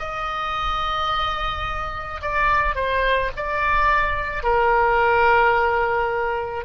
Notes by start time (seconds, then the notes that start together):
0.00 D#5
2.22 D5
2.76 C5
3.37 D5
4.44 A#4